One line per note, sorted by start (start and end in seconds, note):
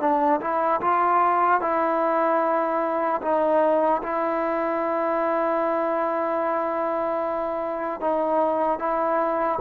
0.00 0.40 D4
0.40 0.80 E4
0.81 1.61 F4
1.61 3.21 E4
3.21 4.01 D#4
4.03 8.00 E4
8.00 8.79 D#4
8.79 9.59 E4